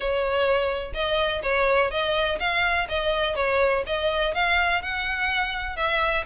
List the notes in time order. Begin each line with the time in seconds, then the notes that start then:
0.00 C#5
0.94 D#5
1.43 C#5
1.90 D#5
2.39 F5
2.88 D#5
3.35 C#5
3.86 D#5
4.34 F5
4.82 F#5
5.76 E5